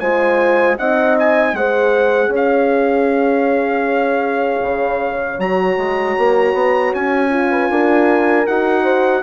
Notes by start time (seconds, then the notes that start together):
0.00 G#3 F4 C5 G#5
0.78 C4 D#4 D#5 F#5
1.19 G#5
1.53 G#3 G#4 C5 F#5
2.29 C#4 C#5
2.36 F5
4.62 C#3
5.38 F#3 F#4 A#5
5.78 G#3
6.18 A#3
6.54 B3
6.94 C#4 G#5
7.30 F4
7.51 B4
7.70 D4 A#4
8.47 D#4 F#4 F#5
8.84 C5